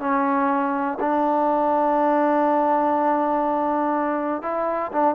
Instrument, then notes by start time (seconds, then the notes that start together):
trombone
0.00 C#4
1.00 D4
4.42 E4
4.92 D4